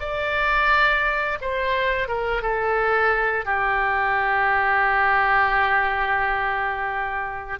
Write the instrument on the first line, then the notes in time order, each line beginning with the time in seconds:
oboe
0.00 D5
1.41 C5
2.08 A#4
2.42 A4
3.45 G4